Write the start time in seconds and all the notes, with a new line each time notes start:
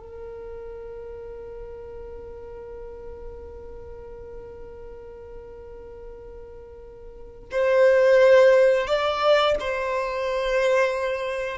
0.00 A#4
7.51 C5
8.87 D5
9.60 C5